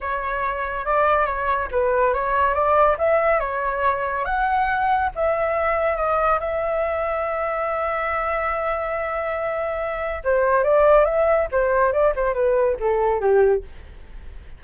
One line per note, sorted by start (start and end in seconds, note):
0.01 0.85 C#5
0.85 1.25 D5
1.25 1.68 C#5
1.71 2.13 B4
2.13 2.54 C#5
2.54 2.96 D5
2.98 3.39 E5
3.39 4.24 C#5
4.24 5.09 F#5
5.15 5.96 E5
5.96 6.38 D#5
6.39 10.22 E5
10.24 10.63 C5
10.63 11.04 D5
11.04 11.47 E5
11.51 11.92 C5
11.92 12.13 D5
12.15 12.34 C5
12.34 12.76 B4
12.79 13.20 A4
13.20 13.63 G4